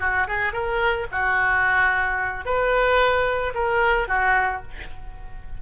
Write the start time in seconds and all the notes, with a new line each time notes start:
0.00 F#4
0.28 G#4
0.53 A#4
1.12 F#4
2.45 B4
3.55 A#4
4.08 F#4